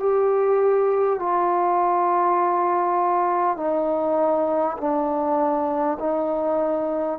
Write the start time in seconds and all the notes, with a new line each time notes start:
0.00 G4
1.19 F4
3.57 D#4
4.78 D4
6.00 D#4